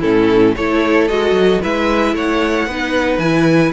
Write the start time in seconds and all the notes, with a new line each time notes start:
0.00 A2 C#4 E4 A4
0.56 A3 E4 A4 C#5
1.08 G#3 F#4 D#5
1.32 F#3
1.62 G#3 E4 B4 E5
2.14 A3 C#5 F#5
2.67 B3 D#4 B4
3.18 E3 E4 G#5